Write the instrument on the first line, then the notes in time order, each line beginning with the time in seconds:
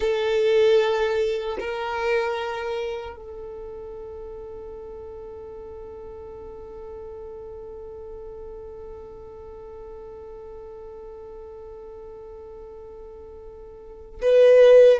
violin
0.00 A4
1.59 A#4
3.16 A4
14.21 B4